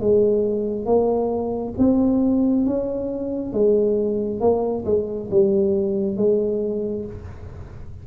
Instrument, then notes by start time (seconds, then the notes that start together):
tuba
0.00 G#3
0.86 A#3
1.78 C4
2.66 C#4
3.53 G#3
4.40 A#3
4.85 G#3
5.31 G3
6.17 G#3